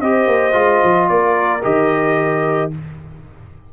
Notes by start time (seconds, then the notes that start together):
0.00 C4 G4 C5 D#5
0.26 A#3
0.52 G#3 F4
0.83 F3
1.08 A#3 A#4 D5
1.62 D#3 G4 D#5